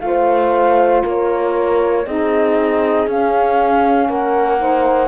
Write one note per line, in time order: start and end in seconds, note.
0.00 1.03 A3
0.00 2.03 F4
0.00 1.02 F5
0.07 1.05 C5
1.05 2.07 A#3
1.05 2.07 A#4
1.05 2.07 C#5
2.07 3.08 C4
2.07 3.08 D#4
2.07 4.10 G#4
2.07 3.09 D#5
3.08 4.09 C#4
3.08 4.59 C#4
3.08 4.10 F5
4.10 5.09 A#3
4.10 4.60 A#4
4.10 5.09 F#5
4.59 5.09 D#4
4.59 5.09 C5